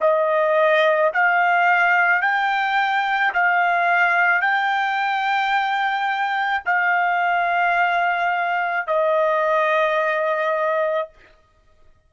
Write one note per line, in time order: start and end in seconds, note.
0.00 1.11 D#5
1.13 2.22 F5
2.22 3.33 G5
3.33 4.41 F5
4.41 6.63 G5
6.65 8.86 F5
8.86 11.09 D#5